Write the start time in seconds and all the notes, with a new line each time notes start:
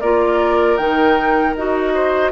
0.00 A#3 F4 A#4 D5
0.77 D#3 D#4 G5
1.55 D#4 F#4 D#5
1.94 C5